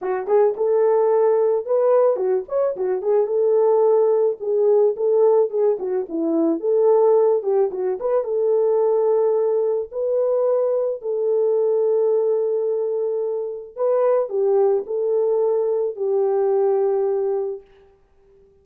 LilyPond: \new Staff \with { instrumentName = "horn" } { \time 4/4 \tempo 4 = 109 fis'8 gis'8 a'2 b'4 | fis'8 cis''8 fis'8 gis'8 a'2 | gis'4 a'4 gis'8 fis'8 e'4 | a'4. g'8 fis'8 b'8 a'4~ |
a'2 b'2 | a'1~ | a'4 b'4 g'4 a'4~ | a'4 g'2. | }